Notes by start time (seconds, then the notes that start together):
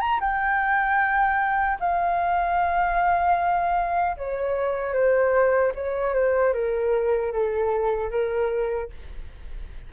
0.00 A#5
0.20 G5
1.79 F5
4.17 C#5
4.93 C5
5.75 C#5
6.14 C5
6.53 A#4
7.32 A4
8.11 A#4